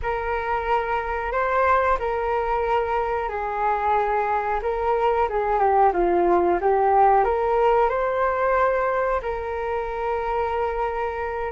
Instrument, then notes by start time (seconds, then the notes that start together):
flute
0.02 A#4
1.32 C5
1.99 A#4
3.28 G#4
4.62 A#4
5.29 G#4
5.59 G4
5.93 F4
6.61 G4
7.24 A#4
7.89 C5
9.21 A#4